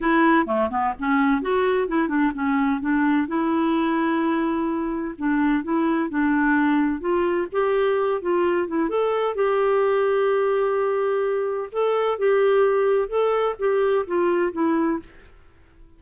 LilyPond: \new Staff \with { instrumentName = "clarinet" } { \time 4/4 \tempo 4 = 128 e'4 a8 b8 cis'4 fis'4 | e'8 d'8 cis'4 d'4 e'4~ | e'2. d'4 | e'4 d'2 f'4 |
g'4. f'4 e'8 a'4 | g'1~ | g'4 a'4 g'2 | a'4 g'4 f'4 e'4 | }